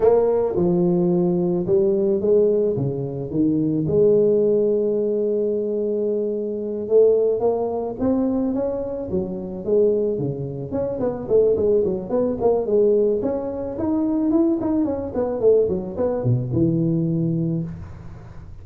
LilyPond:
\new Staff \with { instrumentName = "tuba" } { \time 4/4 \tempo 4 = 109 ais4 f2 g4 | gis4 cis4 dis4 gis4~ | gis1~ | gis8 a4 ais4 c'4 cis'8~ |
cis'8 fis4 gis4 cis4 cis'8 | b8 a8 gis8 fis8 b8 ais8 gis4 | cis'4 dis'4 e'8 dis'8 cis'8 b8 | a8 fis8 b8 b,8 e2 | }